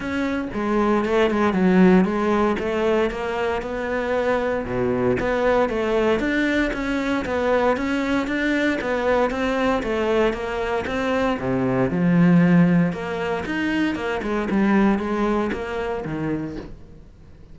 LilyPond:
\new Staff \with { instrumentName = "cello" } { \time 4/4 \tempo 4 = 116 cis'4 gis4 a8 gis8 fis4 | gis4 a4 ais4 b4~ | b4 b,4 b4 a4 | d'4 cis'4 b4 cis'4 |
d'4 b4 c'4 a4 | ais4 c'4 c4 f4~ | f4 ais4 dis'4 ais8 gis8 | g4 gis4 ais4 dis4 | }